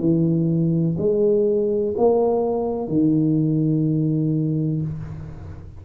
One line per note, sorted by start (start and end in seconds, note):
0.00 0.97 E3
0.99 1.95 G#3
1.98 2.89 A#3
2.89 4.82 D#3